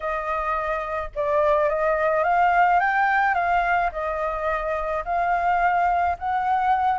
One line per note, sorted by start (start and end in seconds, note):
0.00 1.10 D#5
1.15 1.69 D5
1.69 2.23 D#5
2.23 2.79 F5
2.79 3.34 G5
3.34 3.90 F5
3.92 5.04 D#5
5.04 6.17 F5
6.18 6.99 F#5